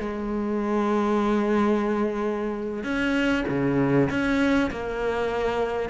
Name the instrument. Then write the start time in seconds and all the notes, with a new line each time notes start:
cello
0.00 G#3
2.84 C#4
3.49 C#3
4.10 C#4
4.71 A#3